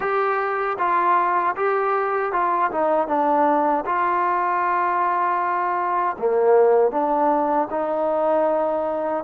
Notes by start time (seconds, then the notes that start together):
0.00 G4
0.78 F4
1.56 G4
2.32 F4
2.71 D#4
3.07 D4
3.85 F4
6.18 A#3
6.91 D4
7.70 D#4